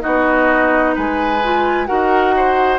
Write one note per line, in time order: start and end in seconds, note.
0.00 0.97 B3
0.00 1.38 D#4
0.00 0.95 F#4
0.00 0.94 D#5
0.95 1.89 G#3
0.95 1.87 B4
0.95 1.86 G#5
1.44 1.87 F4
1.86 2.79 D#4
1.86 2.79 F#4
1.86 2.34 A#4
1.86 2.78 F#5
2.36 2.79 C5